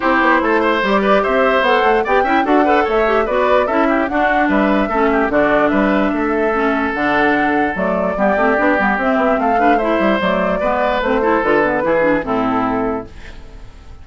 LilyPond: <<
  \new Staff \with { instrumentName = "flute" } { \time 4/4 \tempo 4 = 147 c''2 d''4 e''4 | fis''4 g''4 fis''4 e''4 | d''4 e''4 fis''4 e''4~ | e''4 d''4 e''2~ |
e''4 fis''2 d''4~ | d''2 e''4 f''4 | e''4 d''2 c''4 | b'2 a'2 | }
  \new Staff \with { instrumentName = "oboe" } { \time 4/4 g'4 a'8 c''4 b'8 c''4~ | c''4 d''8 e''8 a'8 b'8 cis''4 | b'4 a'8 g'8 fis'4 b'4 | a'8 g'8 fis'4 b'4 a'4~ |
a'1 | g'2. a'8 b'8 | c''2 b'4. a'8~ | a'4 gis'4 e'2 | }
  \new Staff \with { instrumentName = "clarinet" } { \time 4/4 e'2 g'2 | a'4 g'8 e'8 fis'8 a'4 g'8 | fis'4 e'4 d'2 | cis'4 d'2. |
cis'4 d'2 a4 | b8 c'8 d'8 b8 c'4. d'8 | e'4 a4 b4 c'8 e'8 | f'8 b8 e'8 d'8 c'2 | }
  \new Staff \with { instrumentName = "bassoon" } { \time 4/4 c'8 b8 a4 g4 c'4 | b8 a8 b8 cis'8 d'4 a4 | b4 cis'4 d'4 g4 | a4 d4 g4 a4~ |
a4 d2 fis4 | g8 a8 b8 g8 c'8 b8 a4~ | a8 g8 fis4 gis4 a4 | d4 e4 a,2 | }
>>